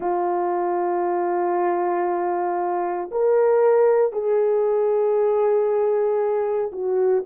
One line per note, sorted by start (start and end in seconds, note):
0.00 3.10 F4
3.11 4.12 A#4
4.12 6.71 G#4
6.71 7.23 F#4